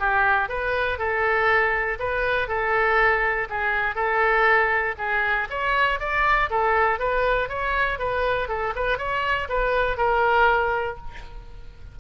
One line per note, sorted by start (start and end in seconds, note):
0.00 0.49 G4
0.49 0.99 B4
0.99 1.99 A4
2.00 2.49 B4
2.49 3.49 A4
3.50 3.96 G#4
3.96 4.96 A4
4.98 5.48 G#4
5.50 6.00 C#5
6.00 6.50 D5
6.50 7.00 A4
7.00 7.49 B4
7.49 7.99 C#5
7.99 8.49 B4
8.49 8.74 A4
8.76 8.98 B4
8.98 9.48 C#5
9.49 9.98 B4
9.98 10.98 A#4